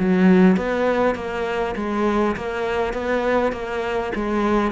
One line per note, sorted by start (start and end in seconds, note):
0.00 0.57 F#3
0.57 1.15 B3
1.15 1.75 A#3
1.76 2.36 G#3
2.37 2.94 A#3
2.94 3.53 B3
3.53 4.13 A#3
4.15 4.72 G#3